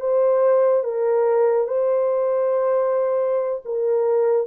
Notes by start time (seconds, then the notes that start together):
0.00 C5
0.84 A#4
1.67 C5
3.65 A#4